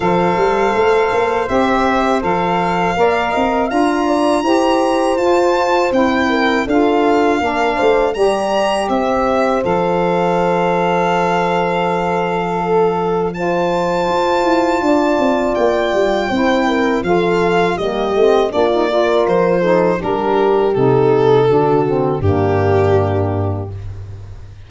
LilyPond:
<<
  \new Staff \with { instrumentName = "violin" } { \time 4/4 \tempo 4 = 81 f''2 e''4 f''4~ | f''4 ais''2 a''4 | g''4 f''2 ais''4 | e''4 f''2.~ |
f''2 a''2~ | a''4 g''2 f''4 | dis''4 d''4 c''4 ais'4 | a'2 g'2 | }
  \new Staff \with { instrumentName = "horn" } { \time 4/4 c''1 | d''8 dis''8 f''8 d''8 c''2~ | c''8 ais'8 a'4 ais'8 c''8 d''4 | c''1~ |
c''4 a'4 c''2 | d''2 c''8 ais'8 a'4 | g'4 f'8 ais'4 a'8 g'4~ | g'4 fis'4 d'2 | }
  \new Staff \with { instrumentName = "saxophone" } { \time 4/4 a'2 g'4 a'4 | ais'4 f'4 g'4 f'4 | e'4 f'4 d'4 g'4~ | g'4 a'2.~ |
a'2 f'2~ | f'2 e'4 f'4 | ais8 c'8 d'16 dis'16 f'4 dis'8 d'4 | dis'4 d'8 c'8 ais2 | }
  \new Staff \with { instrumentName = "tuba" } { \time 4/4 f8 g8 a8 ais8 c'4 f4 | ais8 c'8 d'4 e'4 f'4 | c'4 d'4 ais8 a8 g4 | c'4 f2.~ |
f2. f'8 e'8 | d'8 c'8 ais8 g8 c'4 f4 | g8 a8 ais4 f4 g4 | c4 d4 g,2 | }
>>